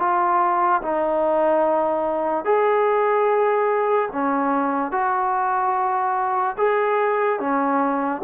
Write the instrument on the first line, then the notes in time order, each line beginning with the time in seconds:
trombone
0.00 F4
0.83 D#4
2.45 G#4
4.13 C#4
4.92 F#4
6.58 G#4
7.40 C#4